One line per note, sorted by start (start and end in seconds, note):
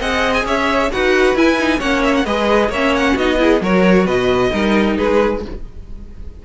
0.00 0.45 C4
0.00 0.92 G#4
0.00 0.45 D#5
0.00 0.35 F#5
0.35 0.46 G#5
0.45 0.91 C#4
0.45 0.92 C#5
0.45 0.92 E5
0.92 1.35 D#4
0.92 1.37 F#4
0.92 1.79 B4
0.92 1.37 F#5
1.35 1.80 E4
1.35 1.59 E4
1.35 1.81 G#5
1.59 1.80 D#4
1.79 2.26 A#3
1.79 2.25 C#4
1.79 2.24 C#5
1.79 2.03 F#5
2.04 2.15 E5
2.16 2.26 F#5
2.26 2.69 G#3
2.26 2.72 G#4
2.26 2.70 B4
2.26 2.71 D#5
2.69 3.14 A#3
2.69 3.19 C#4
2.69 3.14 C#5
2.69 2.96 E5
2.96 3.18 F#5
3.14 3.61 B3
3.14 3.38 D#4
3.14 3.36 F#4
3.14 3.63 D#5
3.38 3.61 E4
3.38 3.63 G#4
3.61 4.07 F#3
3.61 4.52 F#4
3.61 4.06 A#4
3.61 4.07 C#5
4.06 4.52 B2
4.06 4.51 B4
4.06 4.98 D#5
4.52 4.99 G3
4.52 5.42 D#4
4.52 4.98 A#4
4.98 5.45 G#3
4.98 5.43 G#4
4.98 5.43 B4